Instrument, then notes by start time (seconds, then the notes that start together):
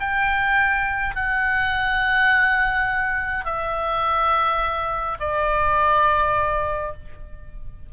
oboe
0.00 G5
1.15 F#5
3.45 E5
5.20 D5